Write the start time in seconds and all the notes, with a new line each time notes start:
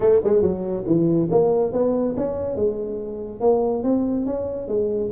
0.00 A3
0.24 G#3
0.41 F#3
0.86 E3
1.30 A#3
1.72 B3
2.17 C#4
2.55 G#3
3.40 A#3
3.83 C4
4.26 C#4
4.68 G#3